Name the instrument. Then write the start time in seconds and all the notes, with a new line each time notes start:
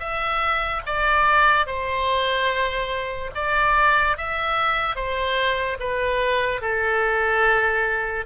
oboe
0.00 E5
0.86 D5
1.67 C5
3.35 D5
4.18 E5
4.96 C5
5.80 B4
6.62 A4